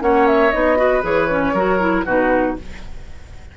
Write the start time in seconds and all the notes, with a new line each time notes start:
0.00 A#3 C#4 C#5 F#5
0.27 E5
0.51 B3 D#4 D#5
0.76 F#4 B4
1.02 E3 G#4 C#5
1.30 C#4
1.53 F#3 F#4 A#4
1.79 E4
2.05 B2 D#4 F#4 B4